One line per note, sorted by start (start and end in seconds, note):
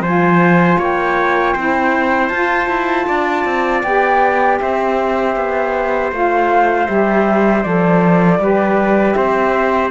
0.00 0.76 F3
0.00 1.56 F4
0.00 0.78 C5
0.00 0.79 G#5
0.78 1.54 A#3
0.78 1.53 C#5
0.78 2.28 G5
1.53 2.29 C4
1.53 2.32 E4
1.53 3.05 C5
2.28 2.67 F4
2.28 3.84 F4
2.28 3.79 A5
2.67 3.05 E4
3.07 3.44 D4
3.07 4.59 D5
3.44 3.82 C4
3.82 4.59 B3
3.82 6.12 G4
3.82 4.58 G5
4.60 5.36 C4
4.60 8.41 C5
4.60 6.12 E5
5.36 6.11 B3
6.11 6.87 A3
6.11 6.85 F4
6.11 6.86 F5
6.85 7.65 G3
6.85 7.61 G4
6.85 7.62 E5
7.62 8.38 F3
7.62 8.39 A4
7.62 9.12 D5
8.38 9.14 G3
8.38 9.90 G4
8.38 9.16 B4
9.12 9.90 C4
9.12 9.90 C5
9.12 9.88 E5